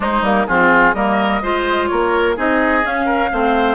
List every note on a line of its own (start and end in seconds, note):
0.00 0.21 G#3
0.00 0.22 G#3
0.00 0.46 D#4
0.00 0.24 C5
0.21 0.45 G3
0.21 0.47 A#3
0.21 0.46 A#4
0.46 0.94 F3
0.46 0.94 C4
0.46 0.95 F4
0.46 0.93 G#4
0.93 1.41 G3
0.93 1.42 A#3
0.93 1.42 A#4
0.93 1.87 D#5
1.42 1.90 G#3
1.42 2.36 F4
1.42 1.89 C5
1.87 2.37 A#3
1.87 2.36 A#4
1.87 2.34 C#5
2.36 2.83 C4
2.36 2.82 D#4
2.36 3.05 G#4
2.36 2.86 D#5
2.82 3.29 C#4
2.82 3.31 C#4
2.82 3.75 F5
3.05 3.29 A#4
3.31 3.75 A3
3.31 3.75 C4
3.31 3.75 C5